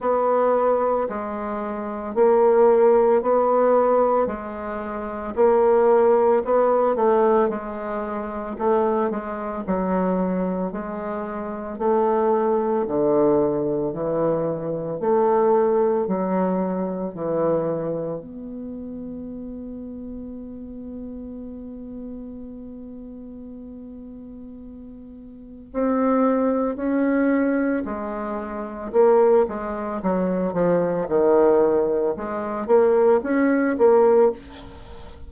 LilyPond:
\new Staff \with { instrumentName = "bassoon" } { \time 4/4 \tempo 4 = 56 b4 gis4 ais4 b4 | gis4 ais4 b8 a8 gis4 | a8 gis8 fis4 gis4 a4 | d4 e4 a4 fis4 |
e4 b2.~ | b1 | c'4 cis'4 gis4 ais8 gis8 | fis8 f8 dis4 gis8 ais8 cis'8 ais8 | }